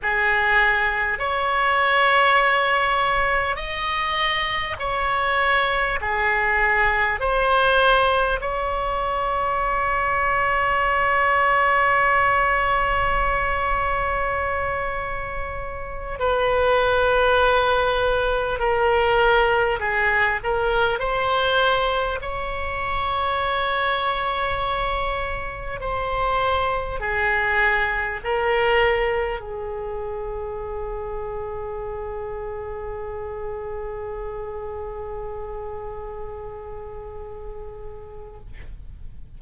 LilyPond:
\new Staff \with { instrumentName = "oboe" } { \time 4/4 \tempo 4 = 50 gis'4 cis''2 dis''4 | cis''4 gis'4 c''4 cis''4~ | cis''1~ | cis''4. b'2 ais'8~ |
ais'8 gis'8 ais'8 c''4 cis''4.~ | cis''4. c''4 gis'4 ais'8~ | ais'8 gis'2.~ gis'8~ | gis'1 | }